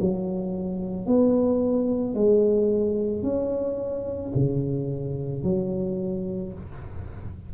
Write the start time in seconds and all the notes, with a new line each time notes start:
0.00 F#3
1.06 B3
2.14 G#3
3.22 C#4
4.35 C#3
5.43 F#3